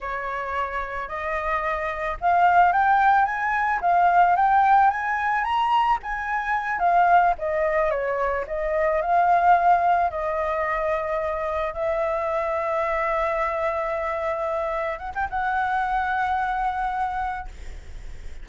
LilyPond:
\new Staff \with { instrumentName = "flute" } { \time 4/4 \tempo 4 = 110 cis''2 dis''2 | f''4 g''4 gis''4 f''4 | g''4 gis''4 ais''4 gis''4~ | gis''8 f''4 dis''4 cis''4 dis''8~ |
dis''8 f''2 dis''4.~ | dis''4. e''2~ e''8~ | e''2.~ e''8 fis''16 g''16 | fis''1 | }